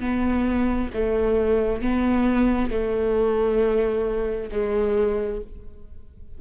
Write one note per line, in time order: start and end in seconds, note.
0.00 0.90 B3
0.94 1.82 A3
1.82 2.70 B3
2.70 4.49 A3
4.51 5.41 G#3